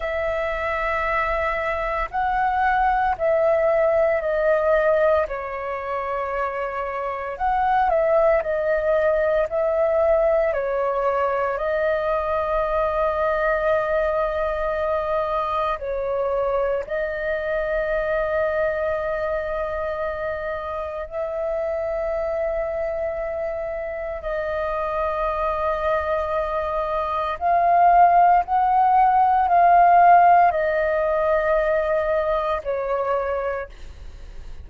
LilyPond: \new Staff \with { instrumentName = "flute" } { \time 4/4 \tempo 4 = 57 e''2 fis''4 e''4 | dis''4 cis''2 fis''8 e''8 | dis''4 e''4 cis''4 dis''4~ | dis''2. cis''4 |
dis''1 | e''2. dis''4~ | dis''2 f''4 fis''4 | f''4 dis''2 cis''4 | }